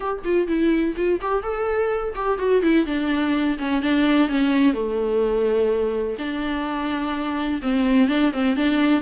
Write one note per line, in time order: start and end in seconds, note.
0.00 0.21 G4
0.24 0.47 F4
0.47 0.95 E4
0.96 1.20 F4
1.21 1.42 G4
1.42 2.14 A4
2.15 2.38 G4
2.38 2.62 F#4
2.62 2.86 E4
2.86 3.57 D4
3.58 3.82 C#4
3.82 4.29 D4
4.29 4.73 C#4
4.73 6.16 A3
6.18 7.61 D4
7.61 8.08 C4
8.08 8.32 D4
8.32 8.56 C4
8.56 9.01 D4